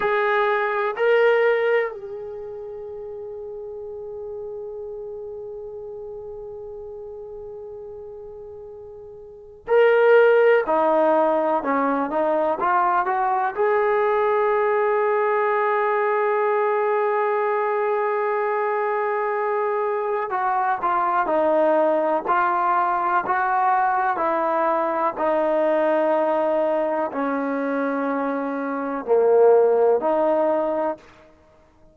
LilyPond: \new Staff \with { instrumentName = "trombone" } { \time 4/4 \tempo 4 = 62 gis'4 ais'4 gis'2~ | gis'1~ | gis'2 ais'4 dis'4 | cis'8 dis'8 f'8 fis'8 gis'2~ |
gis'1~ | gis'4 fis'8 f'8 dis'4 f'4 | fis'4 e'4 dis'2 | cis'2 ais4 dis'4 | }